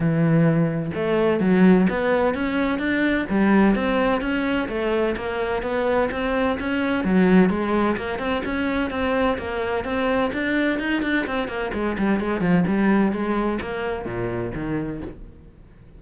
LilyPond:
\new Staff \with { instrumentName = "cello" } { \time 4/4 \tempo 4 = 128 e2 a4 fis4 | b4 cis'4 d'4 g4 | c'4 cis'4 a4 ais4 | b4 c'4 cis'4 fis4 |
gis4 ais8 c'8 cis'4 c'4 | ais4 c'4 d'4 dis'8 d'8 | c'8 ais8 gis8 g8 gis8 f8 g4 | gis4 ais4 ais,4 dis4 | }